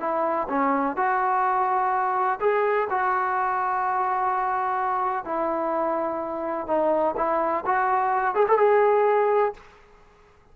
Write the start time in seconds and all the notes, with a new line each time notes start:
0.00 E4
0.49 C#4
0.96 F#4
2.40 G#4
2.90 F#4
5.25 E4
6.67 D#4
7.16 E4
7.66 F#4
8.35 G#4
8.48 A4
8.58 G#4